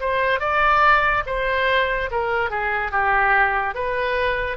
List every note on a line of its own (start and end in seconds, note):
0.00 0.39 C5
0.39 1.23 D5
1.26 2.09 C5
2.11 2.50 A#4
2.50 2.91 G#4
2.91 3.74 G4
3.74 4.57 B4